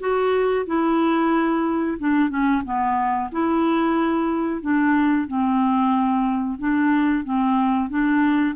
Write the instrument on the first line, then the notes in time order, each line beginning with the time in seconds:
clarinet
0.00 F#4
0.66 E4
1.99 D4
2.30 C#4
2.65 B3
3.32 E4
4.62 D4
5.27 C4
6.59 D4
7.24 C4
7.90 D4